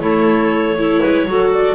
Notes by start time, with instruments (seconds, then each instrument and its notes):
0.00 double bass A3, clarinet E4 C#5, viola A4
0.78 viola E4, clarinet A4
1.01 double bass G#3, clarinet B4
1.26 double bass F#3, viola F#4, clarinet A4
1.54 clarinet D5